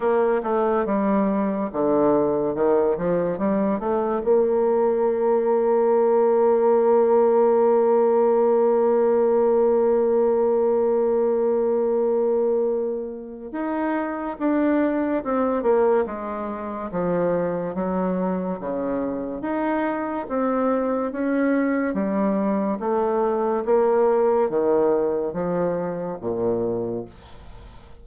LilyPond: \new Staff \with { instrumentName = "bassoon" } { \time 4/4 \tempo 4 = 71 ais8 a8 g4 d4 dis8 f8 | g8 a8 ais2.~ | ais1~ | ais1 |
dis'4 d'4 c'8 ais8 gis4 | f4 fis4 cis4 dis'4 | c'4 cis'4 g4 a4 | ais4 dis4 f4 ais,4 | }